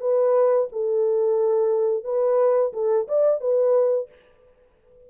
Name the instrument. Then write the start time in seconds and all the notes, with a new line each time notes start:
horn
0.00 B4
0.72 A4
2.04 B4
2.73 A4
3.08 D5
3.41 B4